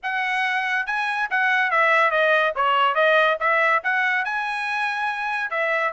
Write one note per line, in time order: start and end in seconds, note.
0.02 0.86 F#5
0.86 1.28 G#5
1.30 1.70 F#5
1.70 2.10 E5
2.10 2.53 D#5
2.55 2.94 C#5
2.94 3.37 D#5
3.40 3.82 E5
3.83 4.24 F#5
4.24 5.50 G#5
5.50 5.93 E5